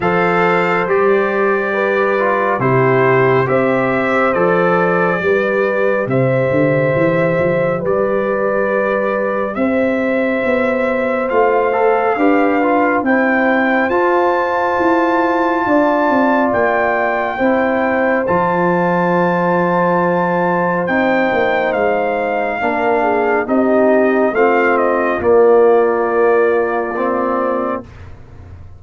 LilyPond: <<
  \new Staff \with { instrumentName = "trumpet" } { \time 4/4 \tempo 4 = 69 f''4 d''2 c''4 | e''4 d''2 e''4~ | e''4 d''2 e''4~ | e''4 f''2 g''4 |
a''2. g''4~ | g''4 a''2. | g''4 f''2 dis''4 | f''8 dis''8 d''2. | }
  \new Staff \with { instrumentName = "horn" } { \time 4/4 c''2 b'4 g'4 | c''2 b'4 c''4~ | c''4 b'2 c''4~ | c''2 b'4 c''4~ |
c''2 d''2 | c''1~ | c''2 ais'8 gis'8 g'4 | f'1 | }
  \new Staff \with { instrumentName = "trombone" } { \time 4/4 a'4 g'4. f'8 e'4 | g'4 a'4 g'2~ | g'1~ | g'4 f'8 a'8 g'8 f'8 e'4 |
f'1 | e'4 f'2. | dis'2 d'4 dis'4 | c'4 ais2 c'4 | }
  \new Staff \with { instrumentName = "tuba" } { \time 4/4 f4 g2 c4 | c'4 f4 g4 c8 d8 | e8 f8 g2 c'4 | b4 a4 d'4 c'4 |
f'4 e'4 d'8 c'8 ais4 | c'4 f2. | c'8 ais8 gis4 ais4 c'4 | a4 ais2. | }
>>